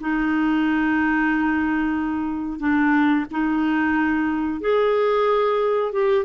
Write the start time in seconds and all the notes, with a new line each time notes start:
0.00 D#4
2.60 D4
3.31 D#4
4.61 G#4
5.92 G4